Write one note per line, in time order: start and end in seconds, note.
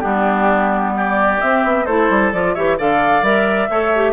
0.00 1.42 G3
0.00 1.39 B3
0.00 0.94 D4
0.00 0.92 G4
0.96 1.85 G4
0.96 1.41 D5
1.40 1.86 C4
1.40 1.64 C4
1.40 1.86 E5
1.64 1.87 B3
1.85 2.10 A3
1.85 2.33 E4
1.85 2.54 A4
1.85 2.31 C5
2.10 2.33 G3
2.32 2.56 F3
2.32 2.56 F4
2.32 2.54 D5
2.54 2.79 E3
2.54 2.78 G4
2.54 2.77 C#5
2.54 2.77 E5
2.78 3.22 D3
2.78 3.23 A4
2.78 3.69 D5
2.78 3.25 F5
3.22 3.68 G3
3.22 3.69 A#4
3.22 4.12 E5
3.70 4.12 A3
3.70 3.95 A4
3.70 4.12 C#5
3.95 4.12 G4